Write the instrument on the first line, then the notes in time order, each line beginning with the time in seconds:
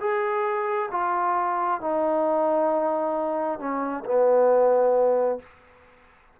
trombone
0.00 G#4
0.91 F4
1.81 D#4
3.59 C#4
4.04 B3